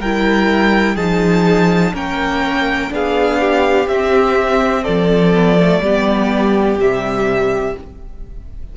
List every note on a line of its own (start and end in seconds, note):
0.00 0.96 G3
0.00 0.98 E4
0.00 0.95 A#4
0.00 0.97 G5
0.95 1.93 F3
0.95 1.93 D#4
0.95 1.92 G#4
0.95 1.94 A5
1.93 2.91 A#3
1.93 2.90 C#4
1.93 2.90 A#4
1.93 2.93 G5
2.90 3.88 B3
2.90 3.87 D4
2.90 3.41 G#4
2.90 3.88 F5
3.41 4.83 G4
3.88 4.85 C4
3.88 5.34 C4
3.88 4.84 E5
4.83 5.80 F3
4.83 5.80 A4
4.83 6.78 D5
5.34 5.58 B3
5.60 5.84 A3
5.80 6.77 G3
5.80 6.80 B3
5.80 7.76 G4
6.78 7.74 C3
6.78 7.77 G3
6.78 7.77 E5